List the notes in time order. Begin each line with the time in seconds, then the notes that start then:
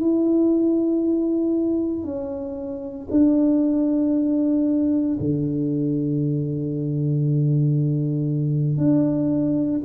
0.00 E4
2.04 C#4
3.11 D4
5.20 D3
8.77 D4